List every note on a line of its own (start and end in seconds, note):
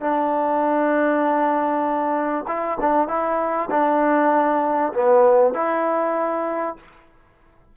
0.00 2.45 D4
2.47 2.78 E4
2.80 3.08 D4
3.08 3.69 E4
3.70 4.92 D4
4.93 5.54 B3
5.54 6.76 E4